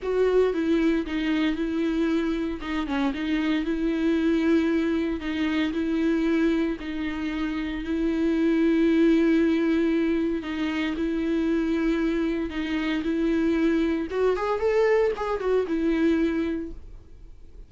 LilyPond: \new Staff \with { instrumentName = "viola" } { \time 4/4 \tempo 4 = 115 fis'4 e'4 dis'4 e'4~ | e'4 dis'8 cis'8 dis'4 e'4~ | e'2 dis'4 e'4~ | e'4 dis'2 e'4~ |
e'1 | dis'4 e'2. | dis'4 e'2 fis'8 gis'8 | a'4 gis'8 fis'8 e'2 | }